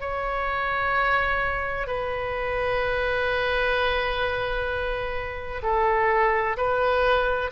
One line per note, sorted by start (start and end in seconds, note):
0.00 1.87 C#5
1.87 5.62 B4
5.62 6.56 A4
6.57 7.50 B4